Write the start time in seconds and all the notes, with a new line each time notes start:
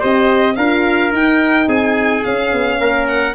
0.00 C4 G4 C5 D#5
0.56 D4 F4 A#4 F5
1.12 D#4 G5
1.68 C4 G#4 G#5
2.24 C#4 F5
2.52 B3
2.79 A#3 A#4
3.07 F#5